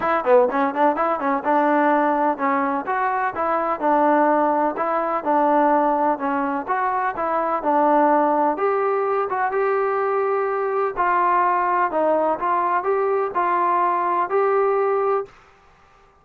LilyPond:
\new Staff \with { instrumentName = "trombone" } { \time 4/4 \tempo 4 = 126 e'8 b8 cis'8 d'8 e'8 cis'8 d'4~ | d'4 cis'4 fis'4 e'4 | d'2 e'4 d'4~ | d'4 cis'4 fis'4 e'4 |
d'2 g'4. fis'8 | g'2. f'4~ | f'4 dis'4 f'4 g'4 | f'2 g'2 | }